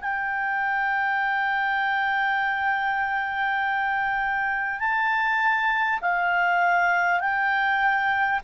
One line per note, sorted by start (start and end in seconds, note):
0.00 4.79 G5
4.79 5.99 A5
6.01 7.19 F5
7.19 8.39 G5